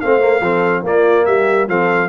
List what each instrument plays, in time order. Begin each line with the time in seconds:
0.00 tuba A3, trombone C4, horn C5, trumpet F5
0.20 trombone A#3
0.40 tuba F3, trombone C4, horn A4
0.83 tuba A#3, trombone A#3, horn F4, trumpet D5
1.25 tuba G3, horn G4, trumpet E5
1.68 tuba F3, trombone C4, horn A4, trumpet F5